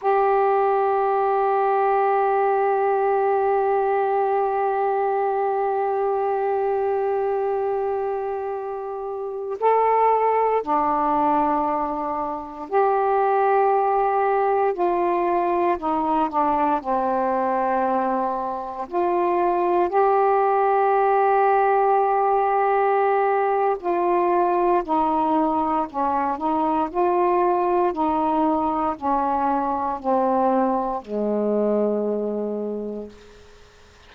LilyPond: \new Staff \with { instrumentName = "saxophone" } { \time 4/4 \tempo 4 = 58 g'1~ | g'1~ | g'4~ g'16 a'4 d'4.~ d'16~ | d'16 g'2 f'4 dis'8 d'16~ |
d'16 c'2 f'4 g'8.~ | g'2. f'4 | dis'4 cis'8 dis'8 f'4 dis'4 | cis'4 c'4 gis2 | }